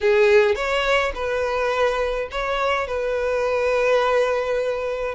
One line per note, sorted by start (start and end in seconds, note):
0.01 0.55 G#4
0.55 1.12 C#5
1.14 2.29 B4
2.31 2.87 C#5
2.87 5.15 B4